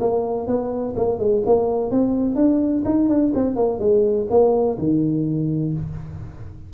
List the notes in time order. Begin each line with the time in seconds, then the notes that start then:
0.00 A#3
0.47 B3
0.96 A#3
1.18 G#3
1.45 A#3
1.91 C4
2.35 D4
2.85 D#4
3.08 D4
3.34 C4
3.55 A#3
3.79 G#3
4.30 A#3
4.78 D#3